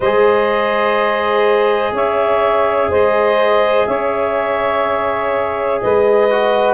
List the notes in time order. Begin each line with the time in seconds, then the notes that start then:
0.00 G#3 G#4 C5 D#5
1.92 C#4 C#5 E5
2.89 G#3 C5 D#5
3.86 C#4 C#5 E5
5.80 G#3 B4 D#5
6.30 F#4